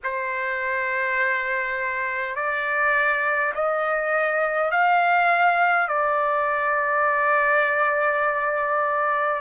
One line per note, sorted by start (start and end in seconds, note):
0.03 2.35 C5
2.35 3.53 D5
3.55 4.71 D#5
4.71 5.88 F5
5.88 9.41 D5